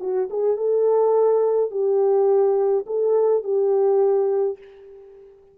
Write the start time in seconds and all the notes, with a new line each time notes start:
0.00 F#4
0.30 G#4
0.57 A4
1.71 G4
2.86 A4
3.44 G4